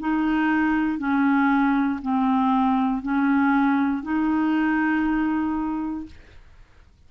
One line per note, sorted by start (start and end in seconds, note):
0.00 0.98 D#4
0.98 2.00 C#4
2.02 3.03 C4
3.03 4.03 C#4
4.03 6.06 D#4